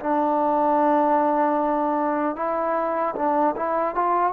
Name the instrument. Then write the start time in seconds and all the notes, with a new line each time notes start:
trombone
0.00 D4
2.36 E4
3.16 D4
3.57 E4
3.95 F4